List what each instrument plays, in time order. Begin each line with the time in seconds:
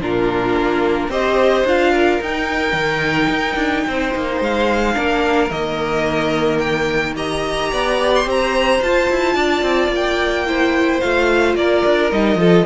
0.00 cello A#2, viola D4, violin F4 A#4
0.57 cello A#3
1.08 cello C4, viola G4, violin C5 D#5
1.65 cello D4, viola F4, violin F5
1.92 violin A#4
2.21 cello D#4, viola D#4, violin G5
2.73 cello D#3
3.30 cello D#4
3.56 cello D4
3.87 cello C4, violin C5
4.15 cello A#3
4.40 cello G#3, violin F5
4.94 cello A#3, viola D4, violin A#4
5.50 cello D#3, viola A#3, violin D#5
6.59 violin G5
7.16 viola G4, violin D#5 A#5
7.72 cello B3, violin D5
8.15 violin C6
8.25 cello C4, violin C5 A#5
8.82 cello F4, viola F4, violin A5
9.10 cello E4
9.35 cello D4, violin D5
9.62 cello C4
9.88 cello A#3
9.95 violin G5
10.47 viola E4, violin C5
11.00 cello A3, viola F4, violin F5
11.55 cello A#3, violin A#4 D5
11.85 cello D4
12.10 cello G3, viola D#4, violin D#5
12.35 cello F3, viola F4, violin A4